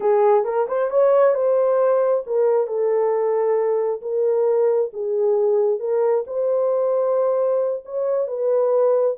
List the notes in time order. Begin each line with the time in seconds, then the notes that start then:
0.00 G#4
0.44 A#4
0.68 C5
0.90 C#5
1.34 C5
2.26 A#4
2.67 A4
4.01 A#4
4.93 G#4
5.79 A#4
6.26 C5
7.85 C#5
8.27 B4